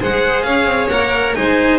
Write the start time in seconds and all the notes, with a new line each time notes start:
0.00 G#3 G#4 C5 F#5
0.42 C#4 C#5 F5
0.65 C4
0.89 A#3 A#4 F#5
1.34 G#3 D#4 C5 G#5